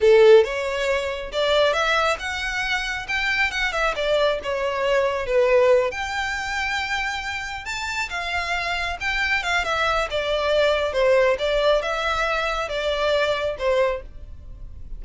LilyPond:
\new Staff \with { instrumentName = "violin" } { \time 4/4 \tempo 4 = 137 a'4 cis''2 d''4 | e''4 fis''2 g''4 | fis''8 e''8 d''4 cis''2 | b'4. g''2~ g''8~ |
g''4. a''4 f''4.~ | f''8 g''4 f''8 e''4 d''4~ | d''4 c''4 d''4 e''4~ | e''4 d''2 c''4 | }